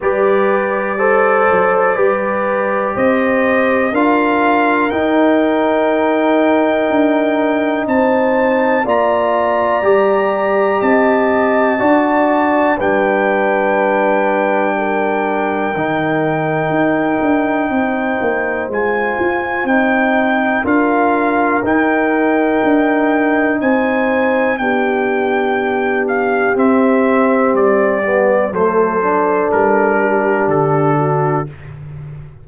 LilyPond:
<<
  \new Staff \with { instrumentName = "trumpet" } { \time 4/4 \tempo 4 = 61 d''2. dis''4 | f''4 g''2. | a''4 ais''2 a''4~ | a''4 g''2.~ |
g''2. gis''4 | g''4 f''4 g''2 | gis''4 g''4. f''8 e''4 | d''4 c''4 ais'4 a'4 | }
  \new Staff \with { instrumentName = "horn" } { \time 4/4 b'4 c''4 b'4 c''4 | ais'1 | c''4 d''2 dis''4 | d''4 b'2 ais'4~ |
ais'2 c''2~ | c''4 ais'2. | c''4 g'2.~ | g'4 a'4. g'4 fis'8 | }
  \new Staff \with { instrumentName = "trombone" } { \time 4/4 g'4 a'4 g'2 | f'4 dis'2.~ | dis'4 f'4 g'2 | fis'4 d'2. |
dis'2. f'4 | dis'4 f'4 dis'2~ | dis'4 d'2 c'4~ | c'8 b8 a8 d'2~ d'8 | }
  \new Staff \with { instrumentName = "tuba" } { \time 4/4 g4. fis8 g4 c'4 | d'4 dis'2 d'4 | c'4 ais4 g4 c'4 | d'4 g2. |
dis4 dis'8 d'8 c'8 ais8 gis8 f'8 | c'4 d'4 dis'4 d'4 | c'4 b2 c'4 | g4 fis4 g4 d4 | }
>>